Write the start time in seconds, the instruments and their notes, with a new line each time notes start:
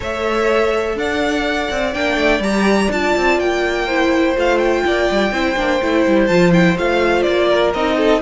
0.00 cello A3, viola A4, violin C#5 E5
0.95 cello D4, violin D5 F#5
1.70 cello C4
1.93 cello A#3, viola D4, violin G5
2.16 cello A3
2.39 cello G3, viola G4, violin A#5
2.90 cello D4, viola F4, violin A5
3.16 cello C4
3.39 cello A#3, violin G5
3.86 viola E4, violin C5
4.35 cello A3, viola F4, violin F5
4.58 violin G5
4.85 cello A#3, violin D5
5.10 cello G3
5.31 cello C4, viola E4, violin C5
5.56 cello A#3, viola D4
5.81 cello A3, viola E4
6.06 cello G3
6.26 cello F3, viola F4, violin A5
6.52 viola E4, violin G5
6.77 cello A3, viola F4, violin F5
7.22 cello A#3, violin D5
7.48 violin A#4
7.74 cello C4, viola D#4, violin D#5
7.97 violin A4